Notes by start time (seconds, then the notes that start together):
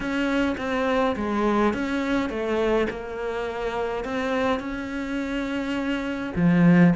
0.00 C#4
0.57 C4
1.15 G#3
1.73 C#4
2.29 A3
2.90 A#3
4.04 C4
4.59 C#4
6.35 F3